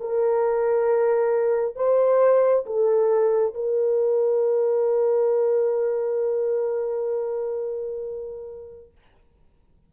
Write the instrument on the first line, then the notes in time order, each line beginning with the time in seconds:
horn
0.00 A#4
1.76 C5
2.66 A4
3.55 A#4